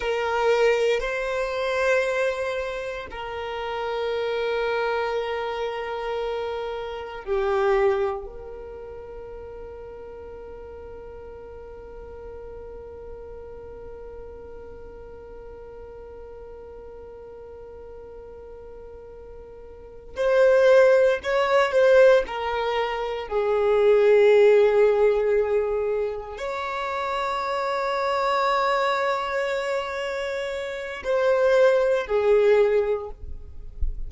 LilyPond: \new Staff \with { instrumentName = "violin" } { \time 4/4 \tempo 4 = 58 ais'4 c''2 ais'4~ | ais'2. g'4 | ais'1~ | ais'1~ |
ais'2.~ ais'8 c''8~ | c''8 cis''8 c''8 ais'4 gis'4.~ | gis'4. cis''2~ cis''8~ | cis''2 c''4 gis'4 | }